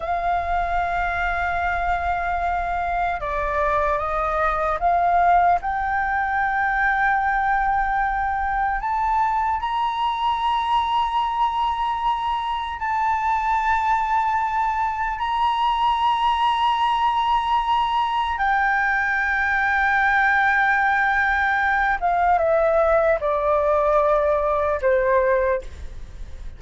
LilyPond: \new Staff \with { instrumentName = "flute" } { \time 4/4 \tempo 4 = 75 f''1 | d''4 dis''4 f''4 g''4~ | g''2. a''4 | ais''1 |
a''2. ais''4~ | ais''2. g''4~ | g''2.~ g''8 f''8 | e''4 d''2 c''4 | }